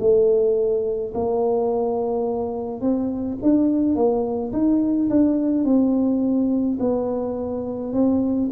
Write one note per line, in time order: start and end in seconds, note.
0.00 1.13 A3
1.14 2.81 A#3
2.81 3.38 C4
3.43 3.96 D4
3.96 4.52 A#3
4.53 5.09 D#4
5.10 5.65 D4
5.65 6.78 C4
6.80 7.93 B3
7.93 8.50 C4